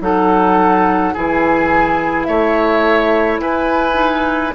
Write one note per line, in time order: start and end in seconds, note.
0.00 1.13 F#3
0.00 1.14 D#4
0.00 1.13 A4
0.00 1.15 F#5
1.13 2.28 E3
1.13 3.93 E4
1.13 2.27 G#4
1.13 2.24 G#5
2.24 3.39 A3
2.24 3.41 C#5
2.24 3.37 E5
3.39 4.53 E4
3.39 4.54 B4
3.39 4.54 G#5
3.93 4.50 D#4